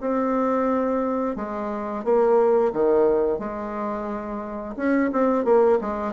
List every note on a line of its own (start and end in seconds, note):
0.00 1.35 C4
1.35 2.04 G#3
2.04 2.72 A#3
2.72 3.38 D#3
3.38 4.75 G#3
4.76 5.10 C#4
5.12 5.44 C4
5.44 5.78 A#3
5.81 6.13 G#3